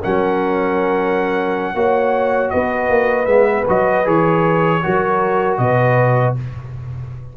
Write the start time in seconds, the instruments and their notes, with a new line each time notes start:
0.00 tuba F#3, trombone C#4, horn A#4, trumpet F#5
1.74 tuba A#3, trombone F#4, horn C#5
2.50 tuba B3, horn B4, trumpet D#5
2.88 tuba A#3
3.25 tuba G#3, trombone B3, trumpet E5
3.68 tuba F#3, trombone F#4, trumpet D#5
4.04 tuba E3, trombone G#4, trumpet C#5
4.82 tuba F#3, trombone F#4, horn A#4
5.57 tuba B2, horn B4, trumpet D#5